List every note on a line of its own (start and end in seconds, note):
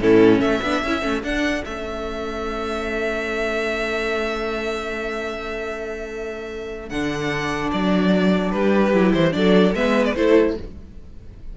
0.00 0.39 A2
0.00 0.61 C#4
0.00 0.40 E4
0.00 0.41 A4
0.39 0.60 A3
0.39 8.51 A4
0.39 1.22 E5
0.62 0.82 B3
0.62 0.84 D4
0.83 1.02 C#4
0.83 1.01 E4
1.01 1.22 A3
1.01 1.22 C#4
1.22 1.63 D4
1.22 1.65 D4
1.22 1.64 F#5
1.64 6.90 A3
1.64 6.91 C#4
1.64 6.89 E5
6.89 7.71 D3
6.89 8.93 D4
6.89 7.70 F#5
7.72 8.53 F#3
7.72 8.51 D5
8.51 8.93 G3
8.51 9.36 G4
8.51 9.12 B4
8.93 9.13 F#3
8.93 9.32 E4
9.13 9.34 E3
9.13 9.33 C5
9.32 9.74 F#3
9.32 9.72 D4
9.32 9.75 A4
9.32 9.73 D5
9.74 10.14 G#3
9.74 10.16 B3
9.74 10.16 B4
9.74 10.05 E5
10.05 10.15 D5
10.15 10.57 A3
10.15 10.56 E4
10.15 10.56 A4
10.15 10.56 C5